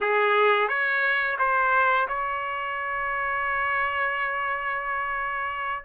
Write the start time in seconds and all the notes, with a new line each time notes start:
0.00 G#4
0.68 C#5
1.38 C5
2.08 C#5